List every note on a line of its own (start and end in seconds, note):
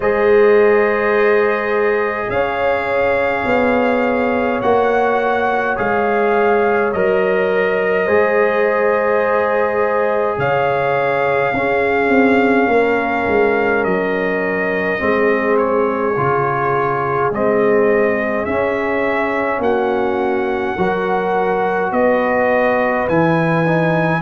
0.00 2.28 G#3
0.00 4.62 G#4
0.00 2.28 C5
0.00 2.30 D#5
2.28 3.44 C#4
2.28 8.05 C#5
2.28 4.60 F5
3.45 4.60 B3
4.61 5.78 A#3
4.61 5.76 F#4
4.61 5.77 F#5
5.76 6.94 G#3
5.76 6.92 G#4
5.76 6.93 F5
6.93 8.07 F#3
6.93 8.07 A#4
6.93 10.39 D#5
8.05 10.37 G#3
8.05 11.53 G#4
8.05 10.36 C5
10.37 11.52 C#3
10.37 11.54 C#5
10.37 13.83 F5
11.52 12.08 C#4
11.52 14.98 C#4
11.52 12.70 G#4
12.08 12.66 C4
12.67 13.25 A#3
12.67 15.01 A#4
13.27 13.84 G#3
13.83 15.00 F#3
13.83 15.56 D#5
14.98 16.16 G#3
14.98 16.14 C4
14.98 19.62 G#4
15.57 17.30 C#5
16.16 17.30 C#3
16.16 17.32 F4
17.30 18.46 G#3
17.30 18.47 C4
17.30 18.45 D#5
18.45 19.58 C#4
18.45 20.77 C#4
18.45 19.60 E5
19.58 20.74 A#3
19.58 20.75 F#4
19.58 21.92 F#5
20.75 21.91 F#3
20.75 23.08 F#4
20.75 21.91 A#4
21.91 23.06 B3
21.91 24.21 B4
21.91 23.07 D#5
23.08 24.21 E3
23.08 23.65 E4
23.08 24.21 G#5
23.65 24.21 D#4